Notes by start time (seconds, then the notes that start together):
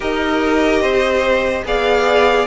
0.00 D#4 G4 A#4 D#5
0.80 C4 C5
1.64 B3 G#4 D5 F5